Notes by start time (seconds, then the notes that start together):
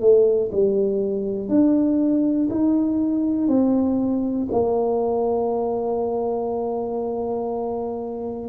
0.00 A3
0.52 G3
1.48 D4
2.50 D#4
3.48 C4
4.51 A#3